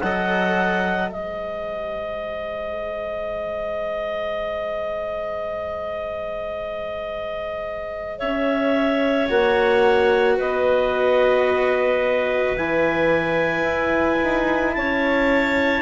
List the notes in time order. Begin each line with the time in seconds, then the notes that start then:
0.00 F#3 A4 D#5 F#5
1.11 G#3 G#4 C5 D#5
8.18 C#4 C#5 E5
9.30 A#3 F#4 F#5
10.36 B3 B4 D#5
12.57 E3 E4 G#5
13.63 E4
14.23 D#4
14.74 C#4 C#5 A5